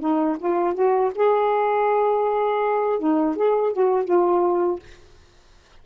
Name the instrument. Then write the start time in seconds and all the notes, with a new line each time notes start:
saxophone
0.00 D#4
0.39 F4
0.75 F#4
1.16 G#4
3.00 D#4
3.36 G#4
3.73 F#4
4.05 F4